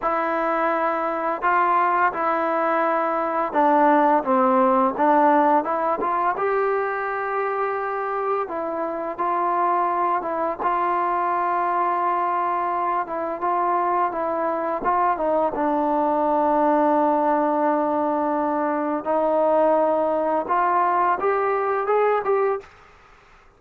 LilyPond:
\new Staff \with { instrumentName = "trombone" } { \time 4/4 \tempo 4 = 85 e'2 f'4 e'4~ | e'4 d'4 c'4 d'4 | e'8 f'8 g'2. | e'4 f'4. e'8 f'4~ |
f'2~ f'8 e'8 f'4 | e'4 f'8 dis'8 d'2~ | d'2. dis'4~ | dis'4 f'4 g'4 gis'8 g'8 | }